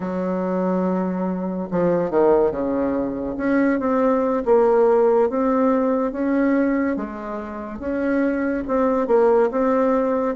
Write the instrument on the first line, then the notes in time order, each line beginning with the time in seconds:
bassoon
0.00 F#3
1.71 F3
2.10 D#3
2.51 C#3
3.37 C#4
3.79 C4
4.45 A#3
5.29 C4
6.12 C#4
6.96 G#3
7.79 C#4
8.67 C4
9.07 A#3
9.51 C4